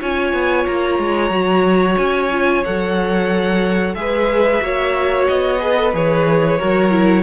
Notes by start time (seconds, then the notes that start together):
0.00 C#4 F4 C#5 G#5
0.33 B3
0.67 A#3 A#5
0.99 G#3
1.30 F#3 F#4
1.98 C#4 G#5
2.32 F4
2.65 F#3 A4 F#5
3.95 G#3 G#4 B4 E5
4.62 A#3 F#4 C#5
5.28 B3 D#5
5.60 G#4 B4
5.77 A4
5.93 E3 G#4 C#5
6.58 F#3 F#4 A#4
6.91 E4